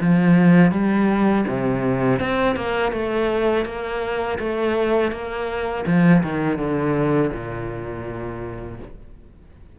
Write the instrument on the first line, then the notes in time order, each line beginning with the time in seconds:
cello
0.00 F3
0.72 G3
1.47 C3
2.20 C4
2.56 A#3
2.92 A3
3.65 A#3
4.39 A3
5.12 A#3
5.86 F3
6.23 D#3
6.58 D3
7.33 A#2